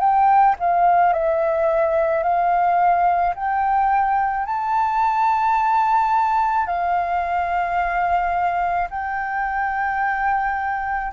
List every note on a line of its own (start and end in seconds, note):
0.00 0.56 G5
0.59 1.13 F5
1.13 2.23 E5
2.23 3.34 F5
3.35 4.46 G5
4.46 6.67 A5
6.67 8.89 F5
8.90 11.12 G5